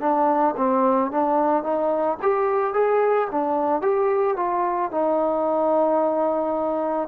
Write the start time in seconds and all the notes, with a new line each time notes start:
0.00 D4
0.57 C4
1.11 D4
1.63 D#4
2.22 G4
2.73 G#4
3.31 D4
3.82 G4
4.36 F4
4.91 D#4